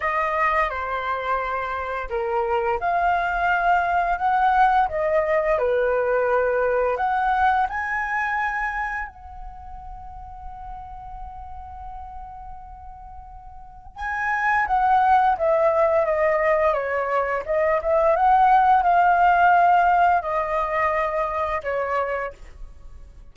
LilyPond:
\new Staff \with { instrumentName = "flute" } { \time 4/4 \tempo 4 = 86 dis''4 c''2 ais'4 | f''2 fis''4 dis''4 | b'2 fis''4 gis''4~ | gis''4 fis''2.~ |
fis''1 | gis''4 fis''4 e''4 dis''4 | cis''4 dis''8 e''8 fis''4 f''4~ | f''4 dis''2 cis''4 | }